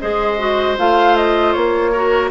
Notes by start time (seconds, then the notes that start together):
0.00 G#3 G#4 C5 D#5
0.38 F#4
0.77 A3 F4 F5
1.16 D#5
1.53 A#3 C#5
1.91 F#4 A#4